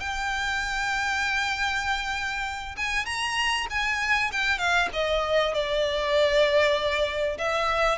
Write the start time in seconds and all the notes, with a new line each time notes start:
0.00 G5
2.77 G#5
3.06 A#5
3.70 G#5
4.32 G5
4.58 F5
4.93 D#5
5.54 D5
7.38 E5